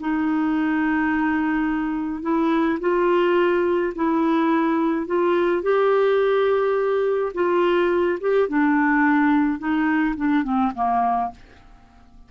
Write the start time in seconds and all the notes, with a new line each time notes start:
0.00 D#4
2.22 E4
2.80 F4
3.95 E4
5.07 F4
5.62 G4
7.34 F4
8.20 G4
8.48 D4
9.59 D#4
10.17 D4
10.44 C4
10.75 A#3